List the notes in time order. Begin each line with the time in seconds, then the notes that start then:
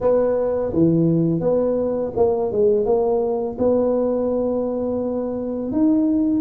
0.00 B3
0.73 E3
1.40 B3
2.16 A#3
2.52 G#3
2.85 A#3
3.58 B3
5.72 D#4